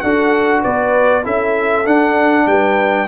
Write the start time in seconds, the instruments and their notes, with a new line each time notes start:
0.00 tuba D4, trombone F#4, horn A4, trumpet F#5
0.61 tuba B3, horn B4, trumpet D5
1.23 tuba C#4, trombone E4, horn A4, trumpet E5
1.85 tuba D4, trombone D4, trumpet F#5
2.46 tuba G3, horn B4, trumpet G5